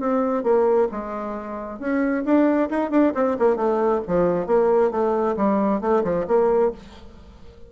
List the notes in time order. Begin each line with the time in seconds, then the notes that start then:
0.00 C4
0.44 A#3
0.92 G#3
1.80 C#4
2.25 D4
2.70 D#4
2.91 D4
3.15 C4
3.40 A#3
3.57 A3
4.08 F3
4.47 A#3
4.92 A3
5.37 G3
5.82 A3
6.04 F3
6.28 A#3